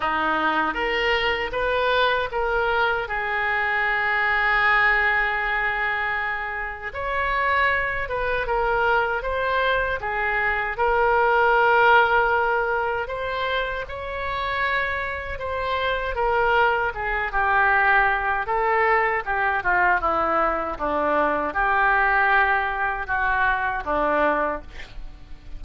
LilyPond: \new Staff \with { instrumentName = "oboe" } { \time 4/4 \tempo 4 = 78 dis'4 ais'4 b'4 ais'4 | gis'1~ | gis'4 cis''4. b'8 ais'4 | c''4 gis'4 ais'2~ |
ais'4 c''4 cis''2 | c''4 ais'4 gis'8 g'4. | a'4 g'8 f'8 e'4 d'4 | g'2 fis'4 d'4 | }